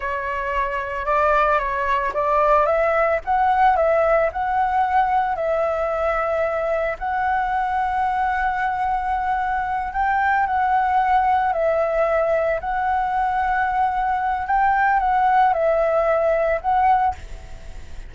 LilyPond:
\new Staff \with { instrumentName = "flute" } { \time 4/4 \tempo 4 = 112 cis''2 d''4 cis''4 | d''4 e''4 fis''4 e''4 | fis''2 e''2~ | e''4 fis''2.~ |
fis''2~ fis''8 g''4 fis''8~ | fis''4. e''2 fis''8~ | fis''2. g''4 | fis''4 e''2 fis''4 | }